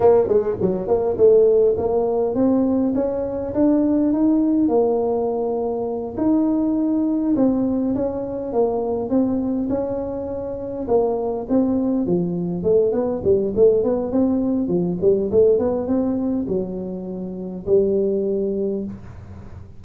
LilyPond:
\new Staff \with { instrumentName = "tuba" } { \time 4/4 \tempo 4 = 102 ais8 gis8 fis8 ais8 a4 ais4 | c'4 cis'4 d'4 dis'4 | ais2~ ais8 dis'4.~ | dis'8 c'4 cis'4 ais4 c'8~ |
c'8 cis'2 ais4 c'8~ | c'8 f4 a8 b8 g8 a8 b8 | c'4 f8 g8 a8 b8 c'4 | fis2 g2 | }